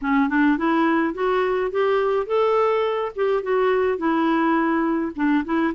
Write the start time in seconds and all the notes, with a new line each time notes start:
0.01 C#4
0.29 D4
0.57 E4
1.14 F#4
1.71 G4
2.26 A4
3.15 G4
3.42 F#4
3.97 E4
5.15 D4
5.44 E4